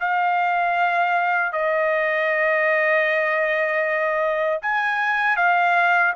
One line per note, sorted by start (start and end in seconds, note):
0.00 1.52 F5
1.52 4.60 D#5
4.62 5.37 G#5
5.37 6.14 F5